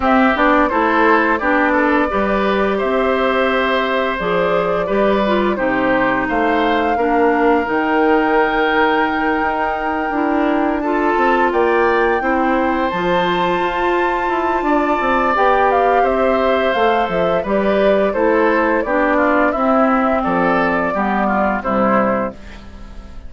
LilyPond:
<<
  \new Staff \with { instrumentName = "flute" } { \time 4/4 \tempo 4 = 86 e''8 d''8 c''4 d''2 | e''2 d''2 | c''4 f''2 g''4~ | g''2.~ g''8 a''8~ |
a''8 g''2 a''4.~ | a''2 g''8 f''8 e''4 | f''8 e''8 d''4 c''4 d''4 | e''4 d''2 c''4 | }
  \new Staff \with { instrumentName = "oboe" } { \time 4/4 g'4 a'4 g'8 a'8 b'4 | c''2. b'4 | g'4 c''4 ais'2~ | ais'2.~ ais'8 a'8~ |
a'8 d''4 c''2~ c''8~ | c''4 d''2 c''4~ | c''4 b'4 a'4 g'8 f'8 | e'4 a'4 g'8 f'8 e'4 | }
  \new Staff \with { instrumentName = "clarinet" } { \time 4/4 c'8 d'8 e'4 d'4 g'4~ | g'2 gis'4 g'8 f'8 | dis'2 d'4 dis'4~ | dis'2~ dis'8 e'4 f'8~ |
f'4. e'4 f'4.~ | f'2 g'2 | a'4 g'4 e'4 d'4 | c'2 b4 g4 | }
  \new Staff \with { instrumentName = "bassoon" } { \time 4/4 c'8 b8 a4 b4 g4 | c'2 f4 g4 | c4 a4 ais4 dis4~ | dis4. dis'4 d'4. |
c'8 ais4 c'4 f4 f'8~ | f'8 e'8 d'8 c'8 b4 c'4 | a8 f8 g4 a4 b4 | c'4 f4 g4 c4 | }
>>